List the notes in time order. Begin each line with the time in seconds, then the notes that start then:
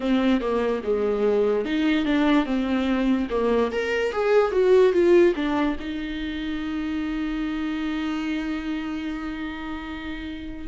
0.00 C4
0.41 A#3
0.83 G#3
1.65 D#4
2.05 D4
2.45 C4
3.30 A#3
3.71 A#4
4.11 G#4
4.51 F#4
4.92 F4
5.35 D4
5.79 D#4